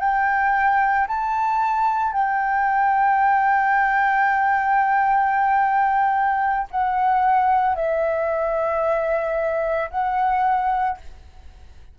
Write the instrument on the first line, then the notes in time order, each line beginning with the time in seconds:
flute
0.00 G5
1.08 A5
2.13 G5
6.71 F#5
7.75 E5
9.90 F#5